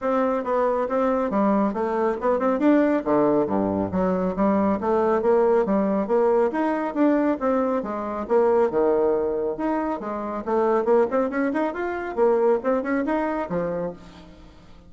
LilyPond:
\new Staff \with { instrumentName = "bassoon" } { \time 4/4 \tempo 4 = 138 c'4 b4 c'4 g4 | a4 b8 c'8 d'4 d4 | g,4 fis4 g4 a4 | ais4 g4 ais4 dis'4 |
d'4 c'4 gis4 ais4 | dis2 dis'4 gis4 | a4 ais8 c'8 cis'8 dis'8 f'4 | ais4 c'8 cis'8 dis'4 f4 | }